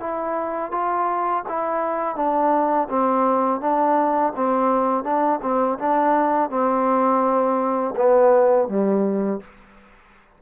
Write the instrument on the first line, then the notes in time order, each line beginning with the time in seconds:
trombone
0.00 E4
0.71 F4
1.49 E4
2.16 D4
2.89 C4
3.60 D4
4.36 C4
5.04 D4
5.42 C4
5.79 D4
6.50 C4
7.96 B3
8.68 G3